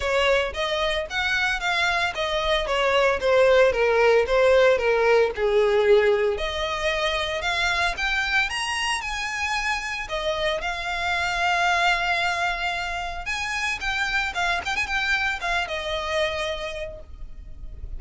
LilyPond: \new Staff \with { instrumentName = "violin" } { \time 4/4 \tempo 4 = 113 cis''4 dis''4 fis''4 f''4 | dis''4 cis''4 c''4 ais'4 | c''4 ais'4 gis'2 | dis''2 f''4 g''4 |
ais''4 gis''2 dis''4 | f''1~ | f''4 gis''4 g''4 f''8 g''16 gis''16 | g''4 f''8 dis''2~ dis''8 | }